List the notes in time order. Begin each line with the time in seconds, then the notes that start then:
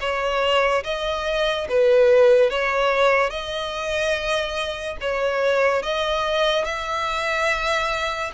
0.00 C#5
0.84 D#5
1.69 B4
2.50 C#5
3.30 D#5
5.00 C#5
5.83 D#5
6.64 E5